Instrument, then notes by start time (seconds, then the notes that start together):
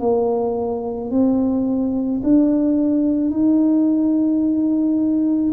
tuba
0.00 A#3
1.11 C4
2.23 D4
3.30 D#4